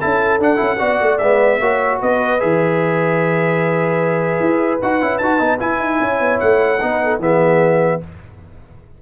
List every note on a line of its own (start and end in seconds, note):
0.00 0.39 C#4
0.00 0.40 E4
0.00 0.79 A4
0.00 0.40 A5
0.39 0.59 D4
0.39 0.56 D4
0.39 1.18 F#5
0.56 0.80 C#4
0.56 0.76 E4
0.79 1.00 B3
0.79 1.19 F#4
0.79 1.59 D5
1.00 1.20 A3
1.18 1.60 G#3
1.18 1.61 B3
1.18 1.98 E5
1.60 2.00 A#3
1.60 2.40 F#4
1.60 2.00 C#5
2.00 2.42 B3
2.00 6.00 B4
2.00 2.40 D#5
2.40 4.40 E3
2.40 4.80 G#4
2.40 4.80 E5
4.40 4.80 E4
4.81 5.02 D#4
4.81 5.02 F#4
4.81 5.18 F#5
5.02 5.20 C#4
5.02 5.22 E4
5.18 5.40 D#4
5.18 5.39 F#4
5.18 5.58 A5
5.39 5.60 B3
5.39 5.58 D#4
5.59 6.79 E4
5.59 5.80 E4
5.59 6.40 G#5
5.80 6.00 D#4
6.01 6.20 C#4
6.01 6.82 C#5
6.20 6.40 B3
6.40 6.82 A3
6.40 7.20 F#5
6.81 7.19 B3
6.81 7.20 D#4
6.81 7.03 B4
7.03 7.21 A4
7.19 7.99 E3
7.19 8.00 B3
7.19 8.01 G#4
7.19 8.02 E5